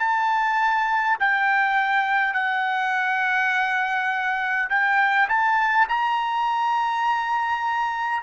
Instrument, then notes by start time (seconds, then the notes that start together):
trumpet
0.00 A5
1.20 G5
2.34 F#5
4.70 G5
5.29 A5
5.89 A#5